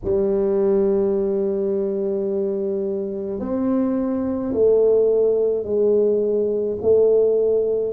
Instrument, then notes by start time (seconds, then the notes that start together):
tuba
0.04 G3
3.39 C4
4.53 A3
5.63 G#3
6.81 A3